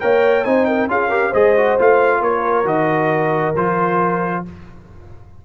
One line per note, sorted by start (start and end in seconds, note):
0.00 0.46 A#3
0.00 0.45 A#4
0.00 0.46 C#5
0.00 0.44 G5
0.44 0.88 C4
0.44 0.88 D#4
0.44 0.67 C5
0.44 0.65 G#5
0.65 0.89 A#4
0.65 0.88 G5
0.88 1.32 C#4
0.88 1.10 F4
0.88 1.09 G#4
0.88 1.34 F5
1.09 1.32 G4
1.09 1.30 A#4
1.30 1.78 G#3
1.30 1.56 G#4
1.30 2.19 C5
1.30 1.78 D#5
1.57 1.79 F#4
1.79 2.21 A3
1.79 2.65 F4
1.79 2.23 F5
2.21 2.65 A#3
2.21 4.45 A#4
2.21 2.67 C#5
2.65 3.53 D#3
2.65 3.54 F#4
2.65 3.55 D#5
3.55 4.44 F3
3.55 4.45 F4
3.55 4.44 C5